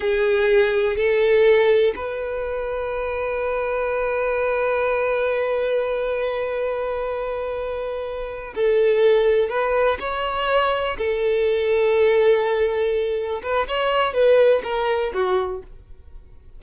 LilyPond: \new Staff \with { instrumentName = "violin" } { \time 4/4 \tempo 4 = 123 gis'2 a'2 | b'1~ | b'1~ | b'1~ |
b'4. a'2 b'8~ | b'8 cis''2 a'4.~ | a'2.~ a'8 b'8 | cis''4 b'4 ais'4 fis'4 | }